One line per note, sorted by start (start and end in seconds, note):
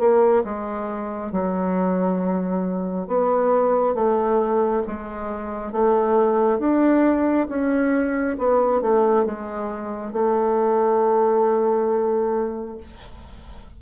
0.00 0.44 A#3
0.45 1.32 G#3
1.32 3.08 F#3
3.08 3.95 B3
3.95 4.83 A3
4.88 5.73 G#3
5.73 6.59 A3
6.59 7.48 D4
7.49 8.37 C#4
8.39 8.82 B3
8.82 9.26 A3
9.26 10.13 G#3
10.13 12.78 A3